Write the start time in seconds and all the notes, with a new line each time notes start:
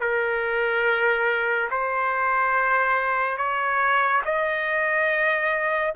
0.00 A#4
1.71 C5
3.37 C#5
4.25 D#5